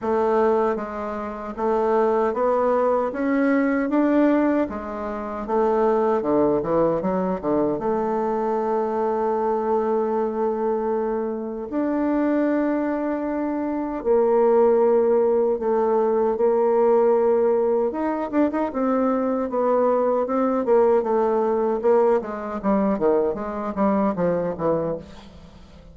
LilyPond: \new Staff \with { instrumentName = "bassoon" } { \time 4/4 \tempo 4 = 77 a4 gis4 a4 b4 | cis'4 d'4 gis4 a4 | d8 e8 fis8 d8 a2~ | a2. d'4~ |
d'2 ais2 | a4 ais2 dis'8 d'16 dis'16 | c'4 b4 c'8 ais8 a4 | ais8 gis8 g8 dis8 gis8 g8 f8 e8 | }